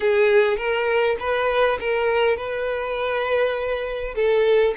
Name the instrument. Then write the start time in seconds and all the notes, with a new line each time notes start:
violin
0.00 G#4
0.57 A#4
1.19 B4
1.80 A#4
2.36 B4
4.15 A4